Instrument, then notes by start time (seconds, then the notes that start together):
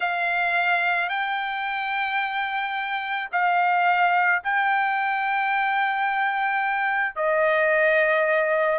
trumpet
0.00 F5
1.09 G5
3.32 F5
4.43 G5
7.15 D#5